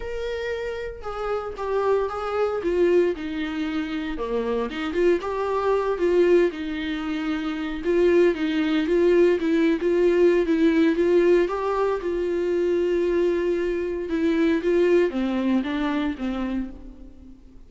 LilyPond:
\new Staff \with { instrumentName = "viola" } { \time 4/4 \tempo 4 = 115 ais'2 gis'4 g'4 | gis'4 f'4 dis'2 | ais4 dis'8 f'8 g'4. f'8~ | f'8 dis'2~ dis'8 f'4 |
dis'4 f'4 e'8. f'4~ f'16 | e'4 f'4 g'4 f'4~ | f'2. e'4 | f'4 c'4 d'4 c'4 | }